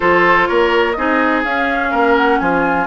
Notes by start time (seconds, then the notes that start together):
0.00 F3 F4 A4 C5
0.46 A#3 A#4 C#5
0.93 C4 D#4 G#4 D#5
1.44 C#4 F5
1.90 A#3 A#4
2.17 F#5
2.39 F3 F4 G#5